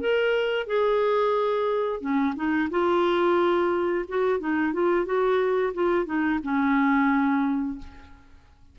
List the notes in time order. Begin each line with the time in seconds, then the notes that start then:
0.00 A#4
0.67 G#4
2.01 C#4
2.36 D#4
2.71 F4
4.08 F#4
4.40 D#4
4.73 F4
5.06 F#4
5.74 F4
6.06 D#4
6.44 C#4